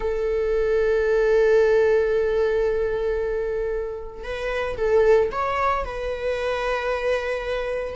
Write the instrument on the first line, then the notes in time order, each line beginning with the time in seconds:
viola
0.00 A4
4.23 B4
4.77 A4
5.31 C#5
5.84 B4